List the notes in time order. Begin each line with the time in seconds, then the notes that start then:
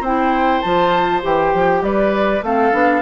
0.00 C4 E4 C5 G5
0.61 F3 F4 A5
1.22 E3 G4 G5
1.54 F3
1.82 G3 B4 D5
2.42 A3 C4 A4 F5
2.72 B3 D4